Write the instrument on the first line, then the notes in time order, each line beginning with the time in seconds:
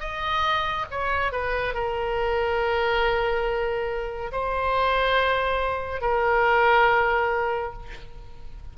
oboe
0.00 D#5
0.91 C#5
1.32 B4
1.74 A#4
4.32 C5
6.02 A#4